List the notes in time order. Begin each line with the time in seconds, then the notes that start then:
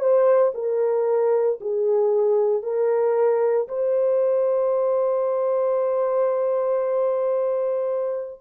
0.00 C5
0.55 A#4
1.61 G#4
2.63 A#4
3.68 C5